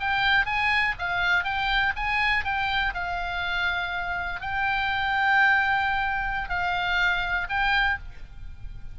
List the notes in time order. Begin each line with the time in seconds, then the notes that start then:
0.00 G5
0.46 G#5
0.99 F5
1.44 G5
1.96 G#5
2.44 G5
2.94 F5
4.41 G5
6.49 F5
7.49 G5